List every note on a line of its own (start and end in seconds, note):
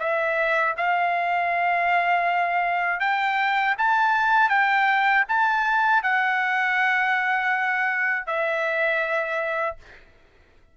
0.00 0.75 E5
0.78 3.00 F5
3.00 3.75 G5
3.78 4.50 A5
4.50 5.25 G5
5.29 6.03 A5
6.03 8.27 F#5
8.27 9.77 E5